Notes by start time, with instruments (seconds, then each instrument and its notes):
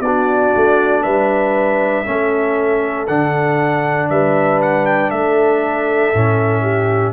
0.00 tuba B3, trombone D4, horn F#4, trumpet D5
0.55 tuba A3
1.02 tuba G3, horn B4, trumpet E5
2.05 tuba A3, trombone C#4, horn A4
3.07 tuba D3, trombone D4, trumpet F#5
4.09 tuba G3, horn B4, trumpet E5
4.61 trumpet F#5
4.85 trumpet G5
5.10 tuba A3, horn A4, trumpet E5
6.14 tuba A2, trombone C#4
6.62 horn G4